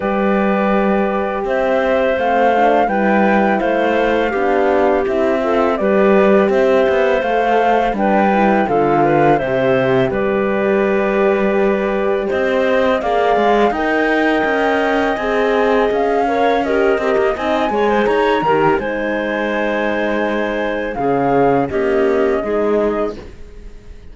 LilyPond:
<<
  \new Staff \with { instrumentName = "flute" } { \time 4/4 \tempo 4 = 83 d''2 e''4 f''4 | g''4 f''2 e''4 | d''4 e''4 f''4 g''4 | f''4 e''4 d''2~ |
d''4 dis''4 f''4 g''4~ | g''4 gis''4 f''4 dis''4 | gis''4 ais''4 gis''2~ | gis''4 f''4 dis''2 | }
  \new Staff \with { instrumentName = "clarinet" } { \time 4/4 b'2 c''2 | b'4 c''4 g'4. a'8 | b'4 c''2 b'4 | a'8 b'8 c''4 b'2~ |
b'4 c''4 d''4 dis''4~ | dis''2~ dis''8 cis''8 ais'8 g'8 | dis''8 cis''16 c''16 cis''8 ais'8 c''2~ | c''4 gis'4 g'4 gis'4 | }
  \new Staff \with { instrumentName = "horn" } { \time 4/4 g'2. c'8 d'8 | e'2 d'4 e'8 f'8 | g'2 a'4 d'8 e'8 | f'4 g'2.~ |
g'2 gis'4 ais'4~ | ais'4 gis'4. ais'8 g'8 ais'8 | dis'8 gis'4 g'8 dis'2~ | dis'4 cis'4 ais4 dis'4 | }
  \new Staff \with { instrumentName = "cello" } { \time 4/4 g2 c'4 a4 | g4 a4 b4 c'4 | g4 c'8 b8 a4 g4 | d4 c4 g2~ |
g4 c'4 ais8 gis8 dis'4 | cis'4 c'4 cis'4. c'16 ais16 | c'8 gis8 dis'8 dis8 gis2~ | gis4 cis4 cis'4 gis4 | }
>>